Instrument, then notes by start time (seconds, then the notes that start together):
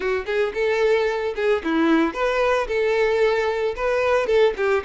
violin
0.00 F#4
0.26 G#4
0.54 A4
1.35 G#4
1.63 E4
2.13 B4
2.67 A4
3.76 B4
4.26 A4
4.56 G4